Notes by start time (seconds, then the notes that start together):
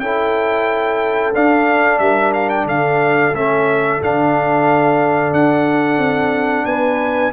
0.00 C#4 E4 A4 G5
1.34 D4 F5
1.99 G3 A#4 E5
2.33 F5
2.50 G5
2.65 D3 A4 F5
3.34 A3 C#4 E5
4.02 D3 D4 F5
5.32 D4 F#5
5.98 C4
6.66 B3 B4 G#5